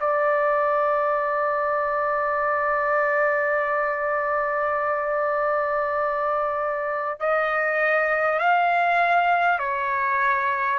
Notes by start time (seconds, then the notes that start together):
0.00 D5
7.20 D#5
8.39 F5
9.59 C#5